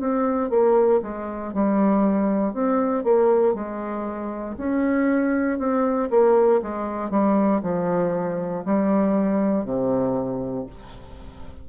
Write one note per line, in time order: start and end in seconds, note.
0.00 0.50 C4
0.50 1.01 A#3
1.03 1.53 G#3
1.53 2.53 G3
2.53 3.04 C4
3.04 3.55 A#3
3.55 4.56 G#3
4.58 5.59 C#4
5.59 6.10 C4
6.10 6.61 A#3
6.62 7.10 G#3
7.10 7.61 G3
7.63 8.64 F3
8.65 9.65 G3
9.65 10.66 C3